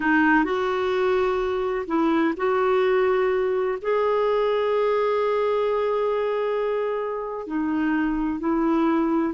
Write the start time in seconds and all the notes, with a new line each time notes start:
0.00 D#4
0.44 F#4
1.87 E4
2.36 F#4
3.81 G#4
7.46 D#4
8.39 E4